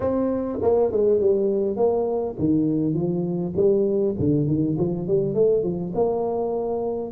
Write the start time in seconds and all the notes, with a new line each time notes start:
0.00 C4
0.62 A#3
0.91 G#3
1.20 G3
1.76 A#3
2.38 D#3
2.94 F3
3.55 G3
4.19 D3
4.47 D#3
4.78 F3
5.07 G3
5.34 A3
5.63 F3
5.95 A#3